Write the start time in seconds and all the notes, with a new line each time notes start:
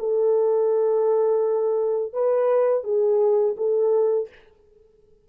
0.00 A4
2.13 B4
2.84 G#4
3.58 A4